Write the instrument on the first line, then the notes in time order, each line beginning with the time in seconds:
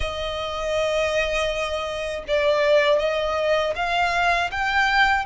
violin
0.00 D#5
2.27 D5
2.98 D#5
3.75 F5
4.51 G5